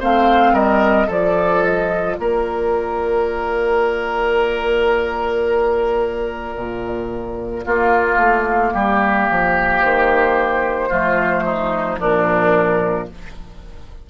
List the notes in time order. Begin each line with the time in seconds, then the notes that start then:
0.00 A3 C4 C5 F5
0.53 G3 A#4 D#5
1.07 F3 F4 A4 D5
1.64 D#5
2.15 A#3 A#4 D5
6.56 A#2
7.65 A#3 F4
8.17 A3
8.74 G3 G4
9.30 F3
9.81 D#3 C5
10.89 F3 A3 F4
11.46 D#4
11.97 A#2 F3 D4 A#4